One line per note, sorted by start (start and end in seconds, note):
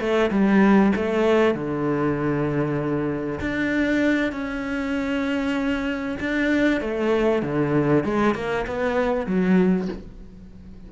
0.00 0.30 A3
0.30 0.92 G3
0.96 1.54 A3
1.54 3.40 D3
3.40 4.32 D4
4.32 6.17 C#4
6.20 6.80 D4
6.80 7.42 A3
7.42 8.04 D3
8.04 8.34 G#3
8.34 8.65 A#3
8.67 9.26 B3
9.26 9.88 F#3